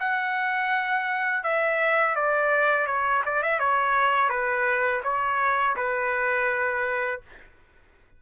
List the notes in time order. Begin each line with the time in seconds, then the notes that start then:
0.00 F#5
1.44 E5
2.16 D5
2.87 C#5
3.26 D5
3.43 E5
3.59 C#5
4.29 B4
5.04 C#5
5.77 B4